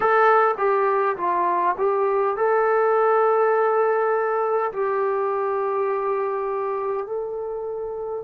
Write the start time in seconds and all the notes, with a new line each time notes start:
0.00 A4
0.57 G4
1.17 F4
1.78 G4
2.36 A4
4.72 G4
7.06 A4